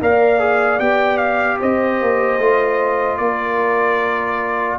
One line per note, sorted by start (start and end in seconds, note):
0.00 0.79 A#3
0.00 0.39 A#4
0.00 1.60 D5
0.00 0.79 F5
0.39 0.79 G#4
0.79 1.59 B3
0.79 2.40 G4
0.79 1.17 G5
1.17 1.57 F5
1.60 2.01 C4
1.60 3.20 C5
1.60 3.17 D#5
2.01 2.38 A#3
2.38 3.18 A3
2.38 4.79 F4
3.17 4.78 A#3
3.17 4.79 A#4
3.17 4.77 D5